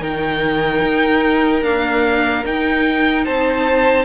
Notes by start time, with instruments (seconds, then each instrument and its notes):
0.00 cello D#3, viola D#4, violin A#4 G5
0.82 cello D#4
1.61 viola A#3, cello D4, violin F5
2.45 viola D#4, cello D#4, violin G5
3.24 cello C4, violin C5 A5